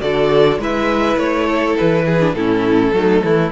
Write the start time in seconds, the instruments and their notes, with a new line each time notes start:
0.00 cello D3, viola F#4, violin A4 D5
0.58 cello G#3, viola E4, violin B4 E5
1.16 cello A3, violin C#5
1.46 violin A4
1.78 cello E3, violin B4
2.06 violin G#4
2.20 viola D4
2.33 cello A2, viola C#4, violin E4 A4
2.93 cello F#3, viola A3, violin D#4
3.24 cello E3, violin E4